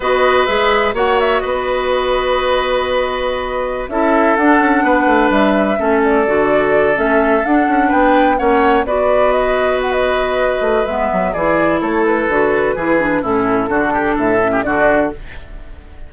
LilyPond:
<<
  \new Staff \with { instrumentName = "flute" } { \time 4/4 \tempo 4 = 127 dis''4 e''4 fis''8 e''8 dis''4~ | dis''1~ | dis''16 e''4 fis''2 e''8.~ | e''8. d''2 e''4 fis''16~ |
fis''8. g''4 fis''4 d''4 dis''16~ | dis''8. fis''16 dis''2 e''4 | d''4 cis''8 b'2~ b'8 | a'2 e''4 d''4 | }
  \new Staff \with { instrumentName = "oboe" } { \time 4/4 b'2 cis''4 b'4~ | b'1~ | b'16 a'2 b'4.~ b'16~ | b'16 a'2.~ a'8.~ |
a'8. b'4 cis''4 b'4~ b'16~ | b'1 | gis'4 a'2 gis'4 | e'4 fis'8 g'8 a'8. g'16 fis'4 | }
  \new Staff \with { instrumentName = "clarinet" } { \time 4/4 fis'4 gis'4 fis'2~ | fis'1~ | fis'16 e'4 d'2~ d'8.~ | d'16 cis'4 fis'4. cis'4 d'16~ |
d'4.~ d'16 cis'4 fis'4~ fis'16~ | fis'2. b4 | e'2 fis'4 e'8 d'8 | cis'4 d'4. cis'8 d'4 | }
  \new Staff \with { instrumentName = "bassoon" } { \time 4/4 b4 gis4 ais4 b4~ | b1~ | b16 cis'4 d'8 cis'8 b8 a8 g8.~ | g16 a4 d4. a4 d'16~ |
d'16 cis'8 b4 ais4 b4~ b16~ | b2~ b8 a8 gis8 fis8 | e4 a4 d4 e4 | a,4 d4 a,4 d4 | }
>>